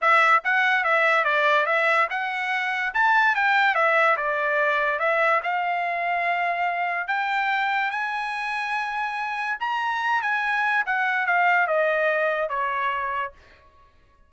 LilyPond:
\new Staff \with { instrumentName = "trumpet" } { \time 4/4 \tempo 4 = 144 e''4 fis''4 e''4 d''4 | e''4 fis''2 a''4 | g''4 e''4 d''2 | e''4 f''2.~ |
f''4 g''2 gis''4~ | gis''2. ais''4~ | ais''8 gis''4. fis''4 f''4 | dis''2 cis''2 | }